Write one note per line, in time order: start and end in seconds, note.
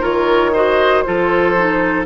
0.00 1.06 D#3
0.00 0.52 F4
0.00 0.51 A#4
0.00 0.55 C#5
0.53 1.06 F#4
0.53 1.04 C5
0.53 1.02 D#5
1.02 2.06 F3
1.02 1.56 F4
1.02 2.06 A4
1.02 2.03 C5
1.57 2.06 D#4